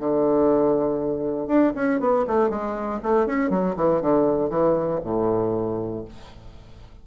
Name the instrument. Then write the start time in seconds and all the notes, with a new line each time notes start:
bassoon
0.00 D3
1.48 D4
1.76 C#4
2.01 B3
2.28 A3
2.50 G#3
3.03 A3
3.27 C#4
3.51 F#3
3.76 E3
4.02 D3
4.50 E3
5.04 A2